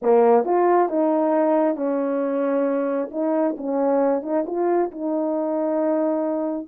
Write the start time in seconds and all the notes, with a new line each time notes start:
0.02 A#3
0.44 F4
0.88 D#4
1.76 C#4
3.11 D#4
3.57 C#4
4.22 D#4
4.46 F4
4.91 D#4